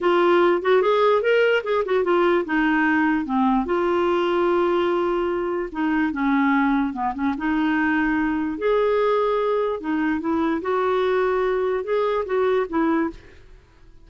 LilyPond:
\new Staff \with { instrumentName = "clarinet" } { \time 4/4 \tempo 4 = 147 f'4. fis'8 gis'4 ais'4 | gis'8 fis'8 f'4 dis'2 | c'4 f'2.~ | f'2 dis'4 cis'4~ |
cis'4 b8 cis'8 dis'2~ | dis'4 gis'2. | dis'4 e'4 fis'2~ | fis'4 gis'4 fis'4 e'4 | }